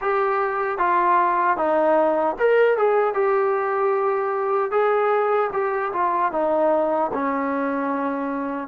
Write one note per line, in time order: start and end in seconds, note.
0.01 0.78 G4
0.78 1.57 F4
1.57 2.36 D#4
2.38 2.77 A#4
2.77 3.14 G#4
3.14 4.71 G4
4.71 5.50 G#4
5.52 5.92 G4
5.92 6.32 F4
6.32 7.11 D#4
7.13 8.67 C#4